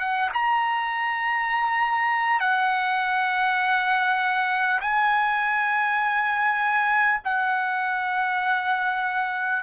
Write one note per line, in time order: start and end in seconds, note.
0.00 0.30 F#5
0.34 2.41 A#5
2.41 4.81 F#5
4.81 7.21 G#5
7.25 9.63 F#5